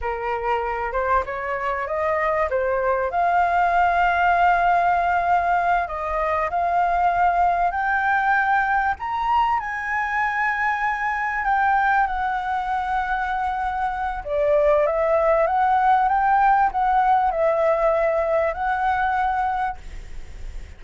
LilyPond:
\new Staff \with { instrumentName = "flute" } { \time 4/4 \tempo 4 = 97 ais'4. c''8 cis''4 dis''4 | c''4 f''2.~ | f''4. dis''4 f''4.~ | f''8 g''2 ais''4 gis''8~ |
gis''2~ gis''8 g''4 fis''8~ | fis''2. d''4 | e''4 fis''4 g''4 fis''4 | e''2 fis''2 | }